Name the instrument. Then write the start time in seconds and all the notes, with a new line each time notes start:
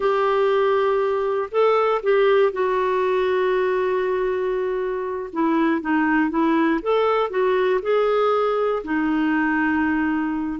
clarinet
0.00 G4
1.51 A4
2.02 G4
2.52 F#4
5.32 E4
5.81 D#4
6.30 E4
6.82 A4
7.29 F#4
7.82 G#4
8.83 D#4